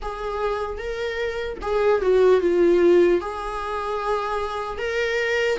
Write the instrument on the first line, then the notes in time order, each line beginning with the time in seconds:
viola
0.02 G#4
0.78 A#4
1.61 G#4
2.01 F#4
2.40 F4
3.20 G#4
4.78 A#4